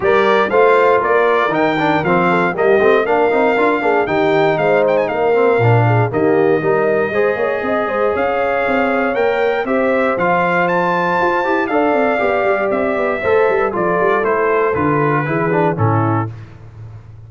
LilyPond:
<<
  \new Staff \with { instrumentName = "trumpet" } { \time 4/4 \tempo 4 = 118 d''4 f''4 d''4 g''4 | f''4 dis''4 f''2 | g''4 f''8 g''16 gis''16 f''2 | dis''1 |
f''2 g''4 e''4 | f''4 a''2 f''4~ | f''4 e''2 d''4 | c''4 b'2 a'4 | }
  \new Staff \with { instrumentName = "horn" } { \time 4/4 ais'4 c''4 ais'2~ | ais'8 a'8 g'4 ais'4. gis'8 | g'4 c''4 ais'4. gis'8 | g'4 ais'4 c''8 cis''8 dis''8 c''8 |
cis''2. c''4~ | c''2. d''4~ | d''2 c''8. b'16 a'4~ | a'2 gis'4 e'4 | }
  \new Staff \with { instrumentName = "trombone" } { \time 4/4 g'4 f'2 dis'8 d'8 | c'4 ais8 c'8 d'8 dis'8 f'8 d'8 | dis'2~ dis'8 c'8 d'4 | ais4 dis'4 gis'2~ |
gis'2 ais'4 g'4 | f'2~ f'8 g'8 a'4 | g'2 a'4 f'4 | e'4 f'4 e'8 d'8 cis'4 | }
  \new Staff \with { instrumentName = "tuba" } { \time 4/4 g4 a4 ais4 dis4 | f4 g8 a8 ais8 c'8 d'8 ais8 | dis4 gis4 ais4 ais,4 | dis4 g4 gis8 ais8 c'8 gis8 |
cis'4 c'4 ais4 c'4 | f2 f'8 e'8 d'8 c'8 | b8 g8 c'8 b8 a8 g8 f8 g8 | a4 d4 e4 a,4 | }
>>